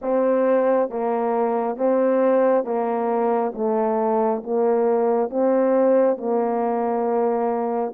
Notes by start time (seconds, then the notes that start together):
0.01 C4
0.89 A#3
1.76 C4
2.64 A#3
3.54 A3
4.43 A#3
5.30 C4
6.17 A#3